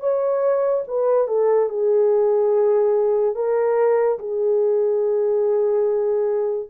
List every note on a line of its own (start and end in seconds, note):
0.00 0.83 C#5
0.88 1.28 B4
1.28 1.69 A4
1.69 3.35 G#4
3.35 4.18 A#4
4.19 6.69 G#4